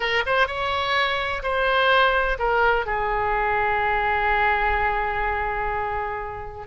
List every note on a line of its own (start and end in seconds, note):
0.00 0.23 A#4
0.26 0.47 C5
0.47 1.42 C#5
1.42 2.38 C5
2.38 2.85 A#4
2.85 6.66 G#4